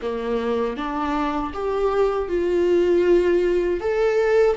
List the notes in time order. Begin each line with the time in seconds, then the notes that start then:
0.01 A#3
0.77 D4
1.53 G4
2.28 F4
3.80 A4